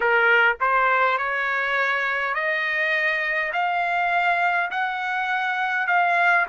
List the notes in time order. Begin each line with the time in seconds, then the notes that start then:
0.00 A#4
0.60 C5
1.18 C#5
2.34 D#5
3.52 F5
4.71 F#5
5.87 F5